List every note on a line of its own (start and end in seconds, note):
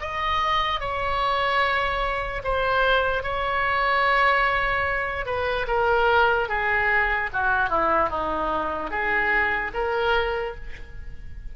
0.00 0.80 D#5
0.80 2.42 C#5
2.43 3.22 C5
3.22 5.25 C#5
5.26 5.66 B4
5.67 6.48 A#4
6.48 7.29 G#4
7.33 7.69 F#4
7.69 8.09 E4
8.09 8.90 D#4
8.90 9.71 G#4
9.73 10.54 A#4